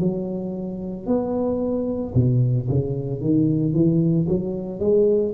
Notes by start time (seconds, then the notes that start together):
0.00 F#3
1.06 B3
2.14 B2
2.69 C#3
3.21 D#3
3.73 E3
4.29 F#3
4.80 G#3